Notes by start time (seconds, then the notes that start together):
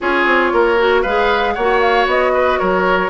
0.01 C#4 F4 G#4 C#5
0.25 C4
0.52 A#3 A#4
0.78 F#4
1.01 G#3 G#4 B4 F5
1.53 A#3 C#5 F#5
1.59 F#4
1.80 F5
2.06 B3 D#5
2.33 B4
2.58 F#3 A#4 C#5